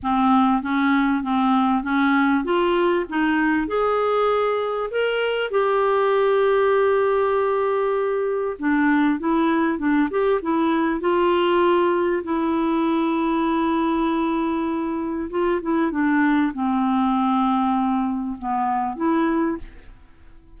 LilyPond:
\new Staff \with { instrumentName = "clarinet" } { \time 4/4 \tempo 4 = 98 c'4 cis'4 c'4 cis'4 | f'4 dis'4 gis'2 | ais'4 g'2.~ | g'2 d'4 e'4 |
d'8 g'8 e'4 f'2 | e'1~ | e'4 f'8 e'8 d'4 c'4~ | c'2 b4 e'4 | }